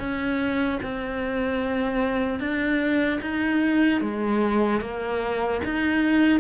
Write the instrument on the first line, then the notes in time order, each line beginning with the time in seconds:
cello
0.00 C#4
0.83 C4
2.40 D4
3.22 D#4
4.01 G#3
4.81 A#3
5.65 D#4